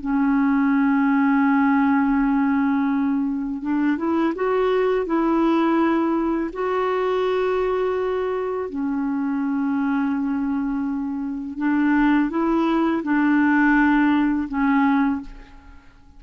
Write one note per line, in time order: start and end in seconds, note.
0.00 3.61 C#4
3.62 3.97 D4
3.97 4.33 E4
4.35 5.06 F#4
5.06 6.50 E4
6.53 8.69 F#4
8.69 11.58 C#4
11.58 12.30 D4
12.30 13.02 E4
13.03 14.47 D4
14.48 15.21 C#4